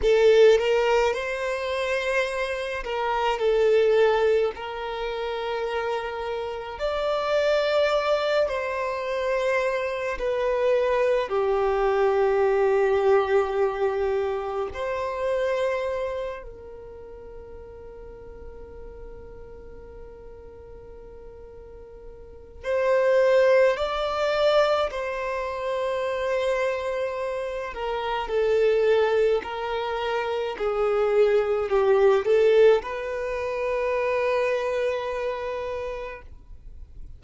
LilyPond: \new Staff \with { instrumentName = "violin" } { \time 4/4 \tempo 4 = 53 a'8 ais'8 c''4. ais'8 a'4 | ais'2 d''4. c''8~ | c''4 b'4 g'2~ | g'4 c''4. ais'4.~ |
ais'1 | c''4 d''4 c''2~ | c''8 ais'8 a'4 ais'4 gis'4 | g'8 a'8 b'2. | }